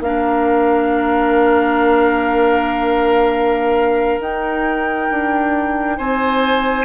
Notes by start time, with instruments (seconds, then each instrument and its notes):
0.00 bassoon A#3, clarinet D4, oboe A#4, flute F5
4.20 bassoon D#4, clarinet D#4, flute G5
5.11 bassoon D4
5.98 bassoon C4, oboe C5, flute G#5